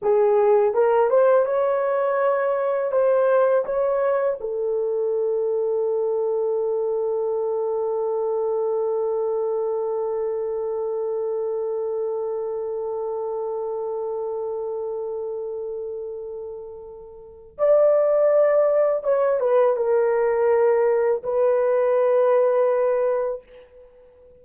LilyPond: \new Staff \with { instrumentName = "horn" } { \time 4/4 \tempo 4 = 82 gis'4 ais'8 c''8 cis''2 | c''4 cis''4 a'2~ | a'1~ | a'1~ |
a'1~ | a'1 | d''2 cis''8 b'8 ais'4~ | ais'4 b'2. | }